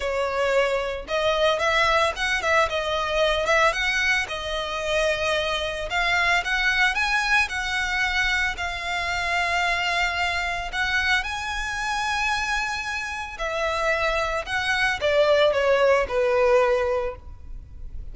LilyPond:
\new Staff \with { instrumentName = "violin" } { \time 4/4 \tempo 4 = 112 cis''2 dis''4 e''4 | fis''8 e''8 dis''4. e''8 fis''4 | dis''2. f''4 | fis''4 gis''4 fis''2 |
f''1 | fis''4 gis''2.~ | gis''4 e''2 fis''4 | d''4 cis''4 b'2 | }